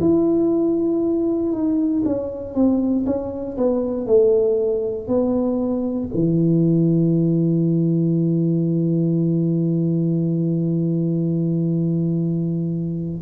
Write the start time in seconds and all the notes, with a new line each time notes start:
0.00 E4
1.52 D#4
2.05 C#4
2.54 C4
3.06 C#4
3.57 B3
4.06 A3
5.07 B3
6.13 E3